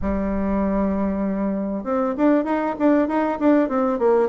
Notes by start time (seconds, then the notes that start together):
0.01 G3
1.84 C4
2.17 D4
2.44 D#4
2.78 D4
3.08 D#4
3.39 D4
3.68 C4
3.98 A#3